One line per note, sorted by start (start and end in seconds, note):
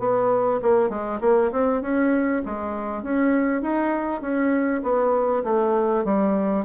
0.00 0.61 B3
0.63 0.90 A#3
0.90 1.20 G#3
1.21 1.52 A#3
1.52 1.82 C4
1.82 2.43 C#4
2.46 3.03 G#3
3.03 3.62 C#4
3.62 4.22 D#4
4.22 4.82 C#4
4.83 5.44 B3
5.44 6.05 A3
6.05 6.66 G3